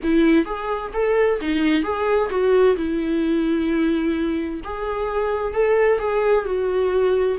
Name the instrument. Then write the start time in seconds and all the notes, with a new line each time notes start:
viola
0.03 E4
0.45 G#4
0.93 A4
1.41 D#4
1.83 G#4
2.30 F#4
2.76 E4
4.64 G#4
5.53 A4
5.98 G#4
6.45 F#4